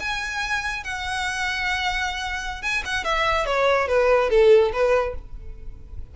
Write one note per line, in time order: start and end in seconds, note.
0.00 0.84 G#5
0.84 2.62 F#5
2.62 2.83 G#5
2.85 3.04 F#5
3.04 3.46 E5
3.46 3.88 C#5
3.88 4.30 B4
4.30 4.72 A4
4.73 5.15 B4